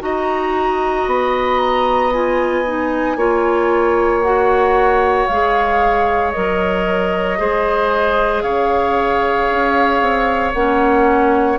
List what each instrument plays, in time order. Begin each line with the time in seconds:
0.00 bassoon D#4, clarinet F#4, oboe D#5, flute A#5
1.06 bassoon B3, flute B5
1.60 flute A#5
2.12 clarinet F4, flute G#5
2.66 clarinet D#4
3.16 bassoon A#3, clarinet F4, oboe C#5
4.22 clarinet F#4, flute F#5
5.27 bassoon G#3, clarinet G#4, flute F5
6.32 bassoon F#3, clarinet A#4, flute D#5
7.37 bassoon G#3, clarinet G#4, oboe C5
8.42 bassoon C#3, oboe C#5, flute F5
9.50 bassoon C#4
10.01 bassoon C4
10.53 bassoon A#3, clarinet C#4, flute F#5